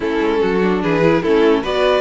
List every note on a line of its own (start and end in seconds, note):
0.00 0.17 A3
0.00 0.61 C#4
0.00 0.40 E4
0.00 0.82 A4
0.20 0.40 G#3
0.41 0.82 F#3
0.41 0.82 F#4
0.62 1.02 D4
0.82 1.23 E3
0.82 1.22 G#4
0.82 1.23 B4
1.02 1.23 E4
1.22 1.63 A3
1.22 1.63 C#4
1.22 1.61 E4
1.22 1.63 A4
1.61 2.01 B3
1.61 2.01 F#4
1.61 2.01 B4
1.61 2.01 D5